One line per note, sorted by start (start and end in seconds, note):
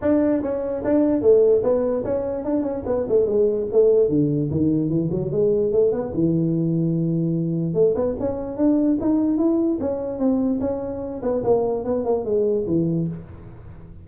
0.01 0.42 D4
0.42 0.83 C#4
0.84 1.21 D4
1.21 1.62 A3
1.63 2.04 B3
2.04 2.44 C#4
2.44 2.62 D4
2.62 2.83 C#4
2.86 3.06 B3
3.08 3.26 A3
3.26 3.66 G#3
3.71 4.09 A3
4.09 4.49 D3
4.50 4.89 D#3
4.89 5.09 E3
5.11 5.31 F#3
5.31 5.72 G#3
5.72 5.91 A3
5.91 6.12 B3
6.14 7.73 E3
7.73 7.94 A3
7.95 8.15 B3
8.19 8.56 C#4
8.56 8.97 D4
9.00 9.37 D#4
9.37 9.78 E4
9.80 10.18 C#4
10.18 10.59 C4
10.60 11.21 C#4
11.22 11.43 B3
11.43 11.84 A#3
11.84 12.04 B3
12.04 12.24 A#3
12.24 12.65 G#3
12.66 13.07 E3